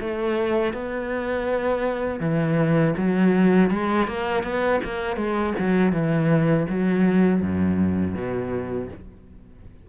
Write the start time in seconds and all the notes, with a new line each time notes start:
0.00 A3
0.73 B3
2.20 E3
2.97 F#3
3.70 G#3
4.07 A#3
4.43 B3
4.84 A#3
5.16 G#3
5.59 F#3
5.92 E3
6.69 F#3
7.41 F#2
8.14 B2